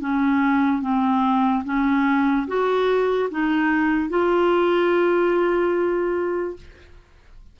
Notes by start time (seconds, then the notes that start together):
0.00 C#4
0.82 C4
1.65 C#4
2.47 F#4
3.31 D#4
4.09 F4